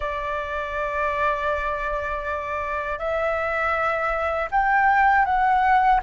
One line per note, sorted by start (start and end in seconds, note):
0.00 2.98 D5
2.98 4.48 E5
4.51 5.25 G5
5.25 6.00 F#5